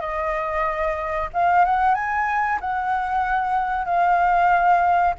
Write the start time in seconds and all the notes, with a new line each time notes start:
0.00 D#5
1.33 F5
1.65 F#5
1.94 G#5
2.60 F#5
3.85 F5